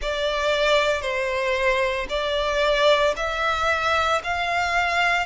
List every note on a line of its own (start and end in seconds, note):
0.01 1.01 D5
1.01 2.06 C5
2.09 3.14 D5
3.16 4.21 E5
4.23 5.26 F5